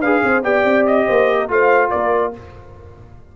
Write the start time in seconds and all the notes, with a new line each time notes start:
0.00 D4 G#4 B4 F5
0.23 C4 C5
0.43 B3 G4 D5 G5
0.64 C4
0.86 D#5
1.06 A#3 C5
1.40 A#4
1.48 A3 F4 C5 F5
1.90 A#3 A#4 D5